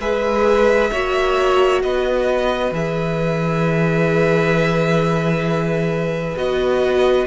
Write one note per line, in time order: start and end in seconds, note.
0.00 0.91 G#3
0.00 0.92 G#4
0.00 0.91 B4
0.00 1.82 E5
0.92 1.83 A#3
0.92 2.73 F#4
0.92 1.83 C#5
1.83 2.72 B3
1.83 7.28 B4
1.83 2.74 D#5
2.72 6.36 E3
2.72 6.37 G#4
2.72 6.38 E5
6.37 7.28 B3
6.37 7.28 F#4
6.37 7.28 D#5